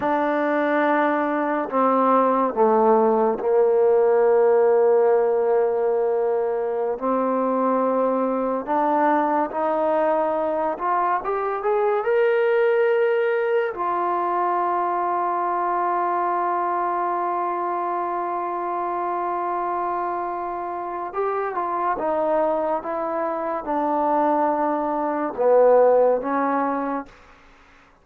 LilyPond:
\new Staff \with { instrumentName = "trombone" } { \time 4/4 \tempo 4 = 71 d'2 c'4 a4 | ais1~ | ais16 c'2 d'4 dis'8.~ | dis'8. f'8 g'8 gis'8 ais'4.~ ais'16~ |
ais'16 f'2.~ f'8.~ | f'1~ | f'4 g'8 f'8 dis'4 e'4 | d'2 b4 cis'4 | }